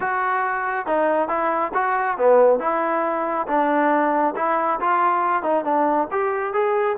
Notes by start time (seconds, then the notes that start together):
0.00 F#4
0.86 D#4
1.28 E4
1.74 F#4
2.17 B3
2.59 E4
3.47 D4
4.36 E4
4.80 F4
5.42 D#4
5.64 D4
6.11 G4
6.53 G#4